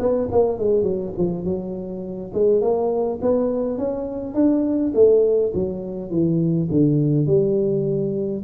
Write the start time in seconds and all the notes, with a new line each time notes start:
0.00 B3
0.32 A#3
0.59 G#3
0.83 F#3
1.18 F3
1.45 F#3
2.34 G#3
2.62 A#3
3.22 B3
3.78 C#4
4.35 D4
4.95 A3
5.54 F#3
6.11 E3
6.71 D3
7.27 G3